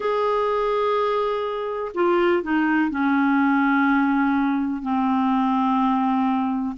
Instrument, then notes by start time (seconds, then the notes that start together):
clarinet
0.00 G#4
1.94 F4
2.42 D#4
2.90 C#4
4.82 C4